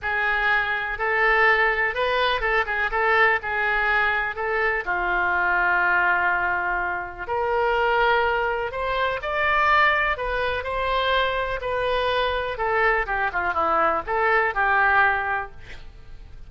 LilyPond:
\new Staff \with { instrumentName = "oboe" } { \time 4/4 \tempo 4 = 124 gis'2 a'2 | b'4 a'8 gis'8 a'4 gis'4~ | gis'4 a'4 f'2~ | f'2. ais'4~ |
ais'2 c''4 d''4~ | d''4 b'4 c''2 | b'2 a'4 g'8 f'8 | e'4 a'4 g'2 | }